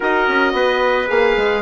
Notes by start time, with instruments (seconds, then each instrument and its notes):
0.00 bassoon D#4, horn F#4, trumpet A#4, oboe D#5
0.28 bassoon C#4
0.53 bassoon B3, trumpet B4
1.07 bassoon A#3, horn G#4, oboe F5
1.37 bassoon G#3